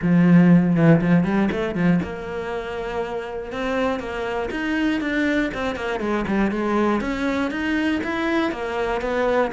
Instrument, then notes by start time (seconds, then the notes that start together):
cello
0.02 F3
0.75 E3
1.01 F3
1.24 G3
1.51 A3
1.75 F3
2.02 A#3
3.52 C4
3.99 A#3
4.50 D#4
5.00 D4
5.54 C4
5.75 A#3
6.00 G#3
6.27 G3
6.51 G#3
7.00 C#4
7.50 D#4
8.03 E4
8.51 A#3
9.01 B3